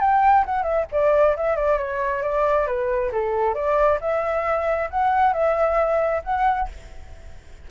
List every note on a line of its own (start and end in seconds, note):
0.00 0.44 G5
0.45 0.63 F#5
0.63 0.85 E5
0.92 1.36 D5
1.36 1.56 E5
1.56 1.78 D5
1.78 2.22 C#5
2.22 2.67 D5
2.67 3.11 B4
3.12 3.54 A4
3.54 3.99 D5
4.01 4.90 E5
4.90 5.33 F#5
5.33 6.22 E5
6.24 6.68 F#5